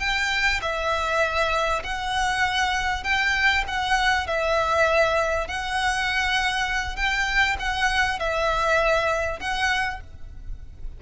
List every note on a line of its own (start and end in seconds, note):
0.00 0.61 G5
0.62 1.83 E5
1.84 3.04 F#5
3.04 3.64 G5
3.68 4.27 F#5
4.27 5.48 E5
5.48 6.96 F#5
6.96 7.56 G5
7.60 8.19 F#5
8.19 9.40 E5
9.40 10.00 F#5